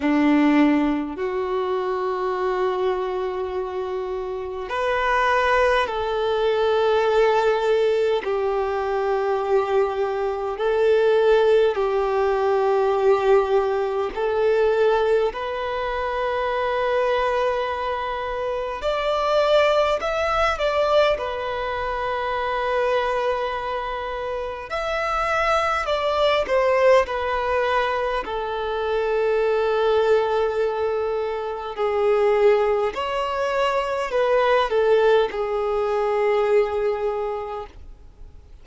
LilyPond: \new Staff \with { instrumentName = "violin" } { \time 4/4 \tempo 4 = 51 d'4 fis'2. | b'4 a'2 g'4~ | g'4 a'4 g'2 | a'4 b'2. |
d''4 e''8 d''8 b'2~ | b'4 e''4 d''8 c''8 b'4 | a'2. gis'4 | cis''4 b'8 a'8 gis'2 | }